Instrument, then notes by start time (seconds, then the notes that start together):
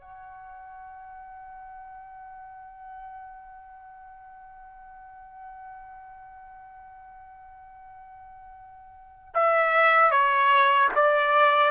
trumpet
0.00 F#5
9.34 E5
10.11 C#5
10.95 D5